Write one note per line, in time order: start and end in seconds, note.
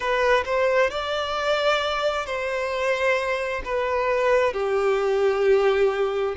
0.00 0.44 B4
0.45 0.90 C5
0.90 2.26 D5
2.26 3.62 C5
3.64 4.53 B4
4.53 6.35 G4